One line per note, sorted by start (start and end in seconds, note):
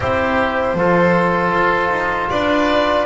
0.00 0.74 C4
0.00 0.78 E4
0.00 0.77 G4
0.00 2.29 C5
0.74 1.51 F3
0.74 3.05 F4
0.74 2.30 A4
1.52 1.90 F4
1.90 2.28 D#4
2.29 3.05 D4
2.29 3.05 B4
2.29 3.05 D5